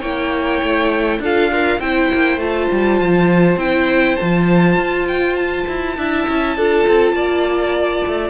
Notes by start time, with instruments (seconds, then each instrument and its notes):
0.00 cello A#3, viola E4, violin C#5 G5
0.62 cello A3
1.19 cello D4, viola F4, violin A4 F5
1.51 violin F4, viola A#4
1.79 cello C4, viola E4, violin C5 G5
2.14 cello A#3
2.37 cello A3, viola F4, violin A5
2.71 cello G3
3.01 cello F3
3.56 cello C4, viola E4, violin G5
4.16 cello F3, viola F4, violin A5
4.76 cello F4
5.08 violin G5
5.36 violin A5
5.67 cello E4
5.97 cello D4, viola E4, violin E5
6.28 cello C#4
6.57 cello D4, viola F4, violin A4
6.88 cello C4
7.12 cello A#3, violin D5
8.07 cello A3